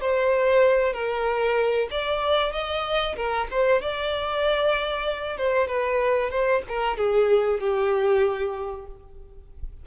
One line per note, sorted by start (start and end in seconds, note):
0.00 0.93 C5
0.93 1.88 A#4
1.90 2.52 D5
2.52 3.15 D#5
3.16 3.47 A#4
3.50 3.82 C5
3.82 5.37 D5
5.37 5.67 C5
5.67 6.30 B4
6.30 6.61 C5
6.68 6.97 A#4
6.97 7.60 G#4
7.60 8.86 G4